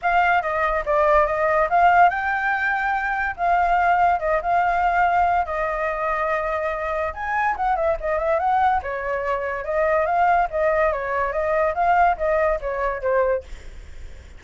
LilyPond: \new Staff \with { instrumentName = "flute" } { \time 4/4 \tempo 4 = 143 f''4 dis''4 d''4 dis''4 | f''4 g''2. | f''2 dis''8 f''4.~ | f''4 dis''2.~ |
dis''4 gis''4 fis''8 e''8 dis''8 e''8 | fis''4 cis''2 dis''4 | f''4 dis''4 cis''4 dis''4 | f''4 dis''4 cis''4 c''4 | }